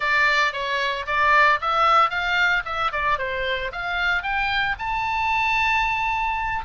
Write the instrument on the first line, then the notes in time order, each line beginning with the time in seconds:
oboe
0.00 D5
0.52 C#5
1.06 D5
1.61 E5
2.10 F5
2.65 E5
2.92 D5
3.18 C5
3.72 F5
4.22 G5
4.79 A5